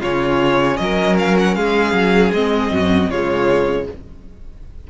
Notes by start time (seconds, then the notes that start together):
0.00 C#3 C#4 F4 C#5
0.77 F#3 A#4 D#5
1.18 F5
1.38 F#5
1.54 G#3 G#4 F5
1.93 F#3
2.32 G#3 C4 D#5
2.70 F#2 F#4
3.10 C#3 G#3 F4 C#5